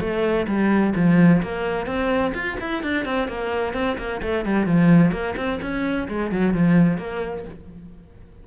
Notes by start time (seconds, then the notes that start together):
0.00 A3
0.47 G3
0.96 F3
1.42 A#3
1.86 C4
2.34 F4
2.60 E4
2.83 D4
3.05 C4
3.28 A#3
3.74 C4
3.98 A#3
4.22 A3
4.45 G3
4.66 F3
5.12 A#3
5.36 C4
5.62 C#4
6.08 G#3
6.31 F#3
6.54 F3
6.98 A#3